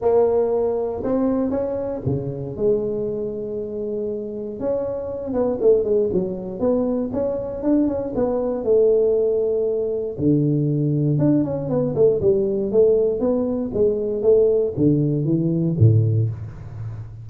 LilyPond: \new Staff \with { instrumentName = "tuba" } { \time 4/4 \tempo 4 = 118 ais2 c'4 cis'4 | cis4 gis2.~ | gis4 cis'4. b8 a8 gis8 | fis4 b4 cis'4 d'8 cis'8 |
b4 a2. | d2 d'8 cis'8 b8 a8 | g4 a4 b4 gis4 | a4 d4 e4 a,4 | }